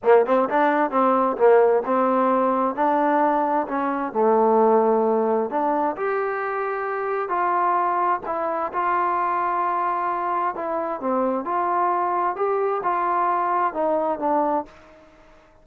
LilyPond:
\new Staff \with { instrumentName = "trombone" } { \time 4/4 \tempo 4 = 131 ais8 c'8 d'4 c'4 ais4 | c'2 d'2 | cis'4 a2. | d'4 g'2. |
f'2 e'4 f'4~ | f'2. e'4 | c'4 f'2 g'4 | f'2 dis'4 d'4 | }